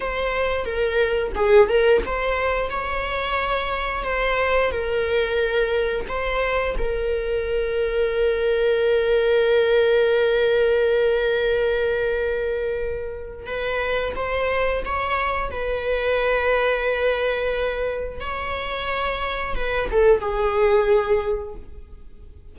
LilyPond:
\new Staff \with { instrumentName = "viola" } { \time 4/4 \tempo 4 = 89 c''4 ais'4 gis'8 ais'8 c''4 | cis''2 c''4 ais'4~ | ais'4 c''4 ais'2~ | ais'1~ |
ais'1 | b'4 c''4 cis''4 b'4~ | b'2. cis''4~ | cis''4 b'8 a'8 gis'2 | }